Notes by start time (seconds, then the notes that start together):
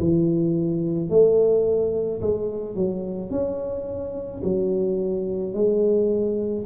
0.00 E3
1.10 A3
2.21 G#3
2.75 F#3
3.30 C#4
4.44 F#3
5.54 G#3